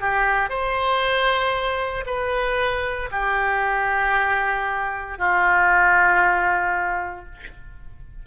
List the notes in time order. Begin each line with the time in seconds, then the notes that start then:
0.00 G4
0.49 C5
2.06 B4
3.11 G4
5.18 F4